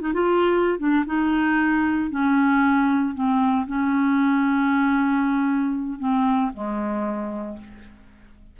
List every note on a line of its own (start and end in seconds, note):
0.00 0.13 D#4
0.13 0.78 F4
0.78 1.05 D4
1.06 2.10 D#4
2.10 3.14 C#4
3.14 3.66 C4
3.67 5.99 C#4
5.99 6.51 C4
6.53 7.57 G#3